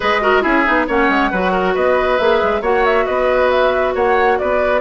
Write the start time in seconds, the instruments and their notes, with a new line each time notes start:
0.00 bassoon G#3, clarinet G#4, oboe B4, flute D#5
0.21 clarinet F#4, oboe A#4
0.42 bassoon C#4, clarinet E4, oboe G#4, flute E5
0.65 bassoon B3, clarinet D#4
0.87 bassoon A#3, clarinet C#4, oboe C#5, flute F#5
1.09 bassoon G#3
1.30 bassoon F#3, clarinet F#4, oboe B4
1.51 oboe A#4
1.74 bassoon B3, oboe B4, flute D#5
2.18 bassoon A#3, clarinet G#4, flute E5
2.43 bassoon G#3
2.61 bassoon A#3, clarinet F#4, oboe C#5, flute F#5
2.85 flute E5
3.06 bassoon B3, oboe B4, flute D#5
3.50 flute E5
3.94 bassoon A#3, oboe C#5, flute F#5
4.38 bassoon B3, oboe B4, flute D5